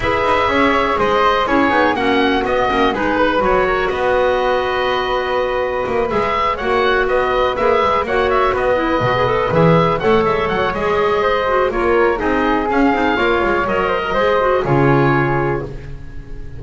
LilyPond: <<
  \new Staff \with { instrumentName = "oboe" } { \time 4/4 \tempo 4 = 123 e''2 dis''4 cis''4 | fis''4 dis''4 b'4 cis''4 | dis''1~ | dis''8 e''4 fis''4 dis''4 e''8~ |
e''8 fis''8 e''8 dis''2 e''8~ | e''8 fis''8 e''8 fis''8 dis''2 | cis''4 dis''4 f''2 | dis''2 cis''2 | }
  \new Staff \with { instrumentName = "flute" } { \time 4/4 b'4 cis''4 c''4 gis'4 | fis'2 gis'8 b'4 ais'8 | b'1~ | b'4. cis''4 b'4.~ |
b'8 cis''4 b'2~ b'8~ | b'8 cis''2~ cis''8 c''4 | ais'4 gis'2 cis''4~ | cis''8 c''16 ais'16 c''4 gis'2 | }
  \new Staff \with { instrumentName = "clarinet" } { \time 4/4 gis'2. e'8 dis'8 | cis'4 b8 cis'8 dis'4 fis'4~ | fis'1~ | fis'8 gis'4 fis'2 gis'8~ |
gis'8 fis'4. e'8 fis'16 gis'16 a'8 gis'8~ | gis'8 a'4. gis'4. fis'8 | f'4 dis'4 cis'8 dis'8 f'4 | ais'4 gis'8 fis'8 f'2 | }
  \new Staff \with { instrumentName = "double bass" } { \time 4/4 e'8 dis'8 cis'4 gis4 cis'8 b8 | ais4 b8 ais8 gis4 fis4 | b1 | ais8 gis4 ais4 b4 ais8 |
gis8 ais4 b4 b,4 e8~ | e8 a8 gis8 fis8 gis2 | ais4 c'4 cis'8 c'8 ais8 gis8 | fis4 gis4 cis2 | }
>>